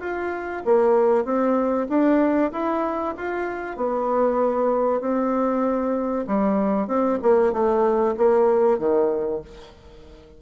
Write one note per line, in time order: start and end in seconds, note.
0.00 0.62 F4
0.65 1.24 A#3
1.24 1.87 C4
1.89 2.51 D4
2.52 3.14 E4
3.17 3.76 F4
3.76 5.00 B3
5.00 6.25 C4
6.27 6.87 G3
6.87 7.18 C4
7.22 7.52 A#3
7.52 8.15 A3
8.17 8.78 A#3
8.78 9.41 D#3